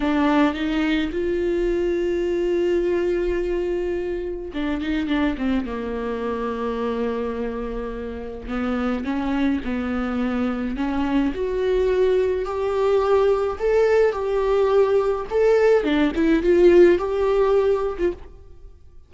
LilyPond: \new Staff \with { instrumentName = "viola" } { \time 4/4 \tempo 4 = 106 d'4 dis'4 f'2~ | f'1 | d'8 dis'8 d'8 c'8 ais2~ | ais2. b4 |
cis'4 b2 cis'4 | fis'2 g'2 | a'4 g'2 a'4 | d'8 e'8 f'4 g'4.~ g'16 f'16 | }